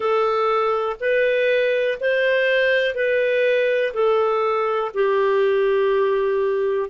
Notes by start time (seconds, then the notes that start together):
0.00 A4
1.00 B4
2.00 C5
2.94 B4
3.93 A4
4.94 G4